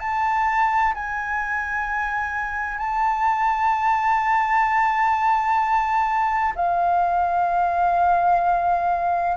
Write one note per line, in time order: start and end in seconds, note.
0.00 0.94 A5
0.94 2.78 G#5
2.78 6.53 A5
6.56 9.37 F5